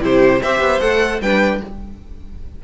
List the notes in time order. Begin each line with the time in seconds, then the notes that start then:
0.00 C3 E4 G4 C5
0.42 C4 G4 C5 E5
0.60 B3
0.80 A3 A4 F#5
1.21 G3 D4 B4 G5